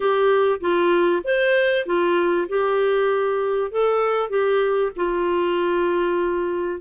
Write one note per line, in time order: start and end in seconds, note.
0.00 0.59 G4
0.60 1.22 F4
1.24 1.86 C5
1.86 2.47 F4
2.48 3.71 G4
3.71 4.29 A4
4.29 4.91 G4
4.96 6.80 F4